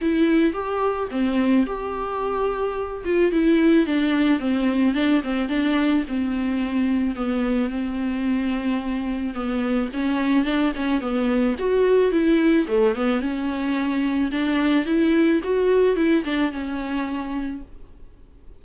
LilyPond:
\new Staff \with { instrumentName = "viola" } { \time 4/4 \tempo 4 = 109 e'4 g'4 c'4 g'4~ | g'4. f'8 e'4 d'4 | c'4 d'8 c'8 d'4 c'4~ | c'4 b4 c'2~ |
c'4 b4 cis'4 d'8 cis'8 | b4 fis'4 e'4 a8 b8 | cis'2 d'4 e'4 | fis'4 e'8 d'8 cis'2 | }